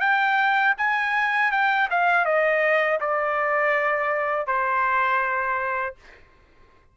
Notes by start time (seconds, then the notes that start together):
0.00 G5
0.77 G#5
1.51 G5
1.90 F5
2.25 D#5
3.00 D5
4.47 C5